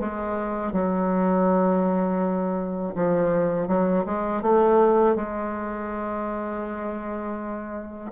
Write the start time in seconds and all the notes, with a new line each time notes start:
0.00 G#3
0.73 F#3
2.95 F3
3.68 F#3
4.06 G#3
4.42 A3
5.16 G#3